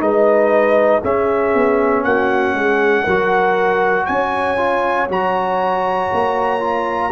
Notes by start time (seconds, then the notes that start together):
0.00 G#3 D#4 B4 D#5
1.01 C#4 G#4 E5
1.54 B3
2.04 A#3 F#4 F#5
2.54 G#3 G#4
3.03 F#3 F#4 A#4
4.06 C#4 C#5 G#5
4.57 F4
5.09 F#3 F#4 A#5
6.13 A#3
6.60 F4